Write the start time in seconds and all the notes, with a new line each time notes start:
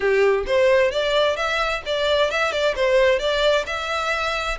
0.00 G4
0.46 C5
0.91 D5
1.36 E5
1.85 D5
2.30 E5
2.51 D5
2.75 C5
3.19 D5
3.66 E5